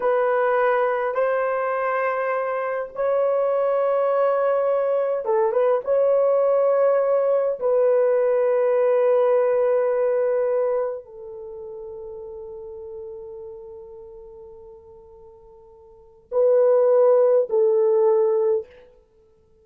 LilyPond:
\new Staff \with { instrumentName = "horn" } { \time 4/4 \tempo 4 = 103 b'2 c''2~ | c''4 cis''2.~ | cis''4 a'8 b'8 cis''2~ | cis''4 b'2.~ |
b'2. a'4~ | a'1~ | a'1 | b'2 a'2 | }